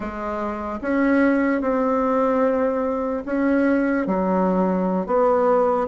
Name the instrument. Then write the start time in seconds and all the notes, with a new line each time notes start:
bassoon
0.00 G#3
0.81 C#4
1.61 C4
3.25 C#4
4.06 F#3
5.06 B3